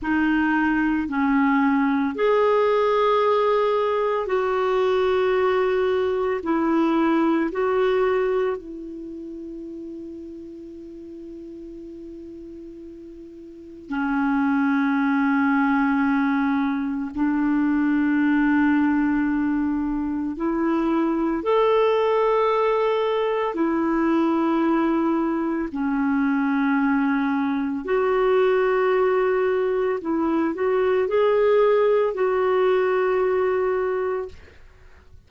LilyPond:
\new Staff \with { instrumentName = "clarinet" } { \time 4/4 \tempo 4 = 56 dis'4 cis'4 gis'2 | fis'2 e'4 fis'4 | e'1~ | e'4 cis'2. |
d'2. e'4 | a'2 e'2 | cis'2 fis'2 | e'8 fis'8 gis'4 fis'2 | }